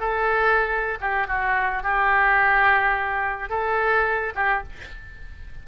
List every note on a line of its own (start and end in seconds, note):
0.00 0.98 A4
1.01 1.28 G4
1.28 1.83 F#4
1.83 3.49 G4
3.49 4.34 A4
4.35 4.63 G4